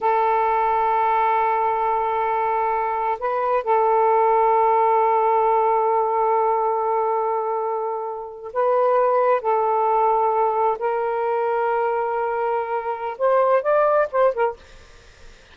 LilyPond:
\new Staff \with { instrumentName = "saxophone" } { \time 4/4 \tempo 4 = 132 a'1~ | a'2. b'4 | a'1~ | a'1~ |
a'2~ a'8. b'4~ b'16~ | b'8. a'2. ais'16~ | ais'1~ | ais'4 c''4 d''4 c''8 ais'8 | }